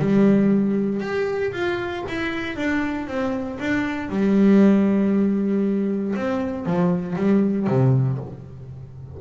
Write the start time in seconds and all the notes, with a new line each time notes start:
0.00 G3
1.01 G4
1.53 F4
2.08 E4
2.57 D4
3.08 C4
3.60 D4
4.10 G3
6.16 C4
6.66 F3
7.16 G3
7.67 C3